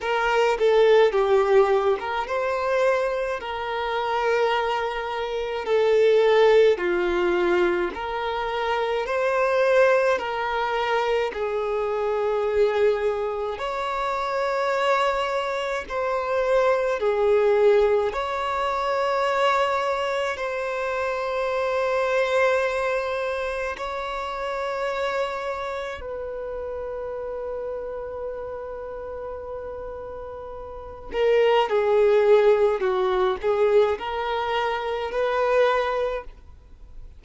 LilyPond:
\new Staff \with { instrumentName = "violin" } { \time 4/4 \tempo 4 = 53 ais'8 a'8 g'8. ais'16 c''4 ais'4~ | ais'4 a'4 f'4 ais'4 | c''4 ais'4 gis'2 | cis''2 c''4 gis'4 |
cis''2 c''2~ | c''4 cis''2 b'4~ | b'2.~ b'8 ais'8 | gis'4 fis'8 gis'8 ais'4 b'4 | }